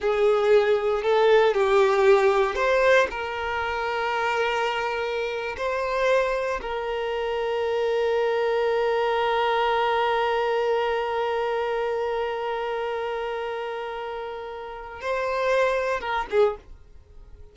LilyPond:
\new Staff \with { instrumentName = "violin" } { \time 4/4 \tempo 4 = 116 gis'2 a'4 g'4~ | g'4 c''4 ais'2~ | ais'2~ ais'8. c''4~ c''16~ | c''8. ais'2.~ ais'16~ |
ais'1~ | ais'1~ | ais'1~ | ais'4 c''2 ais'8 gis'8 | }